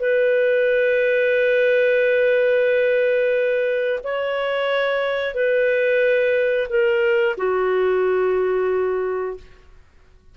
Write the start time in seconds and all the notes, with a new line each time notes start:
0.00 B4
4.04 C#5
5.34 B4
6.69 A#4
7.37 F#4